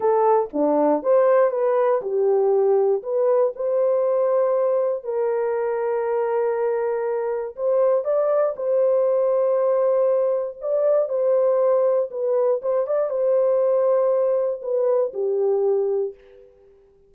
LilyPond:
\new Staff \with { instrumentName = "horn" } { \time 4/4 \tempo 4 = 119 a'4 d'4 c''4 b'4 | g'2 b'4 c''4~ | c''2 ais'2~ | ais'2. c''4 |
d''4 c''2.~ | c''4 d''4 c''2 | b'4 c''8 d''8 c''2~ | c''4 b'4 g'2 | }